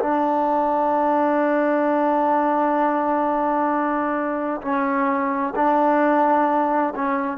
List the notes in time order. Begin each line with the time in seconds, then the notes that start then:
0.00 D4
4.62 C#4
5.56 D4
6.96 C#4